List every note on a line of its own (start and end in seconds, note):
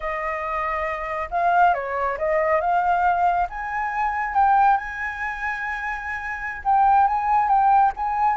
0.00 1.28 D#5
1.30 1.74 F5
1.74 2.17 C#5
2.17 2.60 D#5
2.60 3.47 F5
3.49 4.34 G#5
4.34 4.77 G5
4.77 6.62 G#5
6.64 7.07 G5
7.07 7.48 G#5
7.48 7.92 G5
7.96 8.37 G#5